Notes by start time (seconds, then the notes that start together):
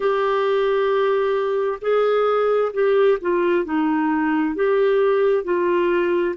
0.00 G4
1.81 G#4
2.73 G4
3.21 F4
3.64 D#4
4.55 G4
5.44 F4